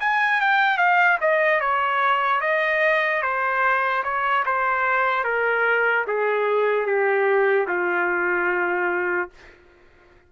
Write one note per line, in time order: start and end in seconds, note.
0.00 0.41 G#5
0.41 0.77 G5
0.77 1.18 F5
1.21 1.61 D#5
1.61 2.41 C#5
2.41 3.22 D#5
3.22 4.03 C5
4.04 4.44 C#5
4.46 5.24 C5
5.24 6.05 A#4
6.07 6.86 G#4
6.86 7.67 G4
7.68 9.30 F4